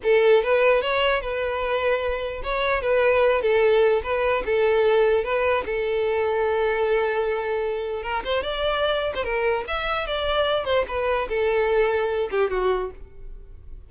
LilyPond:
\new Staff \with { instrumentName = "violin" } { \time 4/4 \tempo 4 = 149 a'4 b'4 cis''4 b'4~ | b'2 cis''4 b'4~ | b'8 a'4. b'4 a'4~ | a'4 b'4 a'2~ |
a'1 | ais'8 c''8 d''4.~ d''16 c''16 ais'4 | e''4 d''4. c''8 b'4 | a'2~ a'8 g'8 fis'4 | }